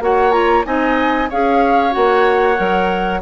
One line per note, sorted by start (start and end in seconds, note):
0.00 0.64 A#3
0.00 0.31 F#4
0.00 0.66 C#5
0.00 0.31 F#5
0.31 0.63 F4
0.31 0.63 A#5
0.64 1.30 C4
0.64 1.28 D#4
0.64 1.29 D#5
0.64 1.29 G#5
1.29 1.96 C#4
1.29 1.91 G#4
1.29 3.21 C#5
1.29 1.93 F5
1.91 2.59 A#3
1.91 2.54 F#4
1.91 3.20 F#5
2.56 3.22 F#3
2.56 3.20 A#4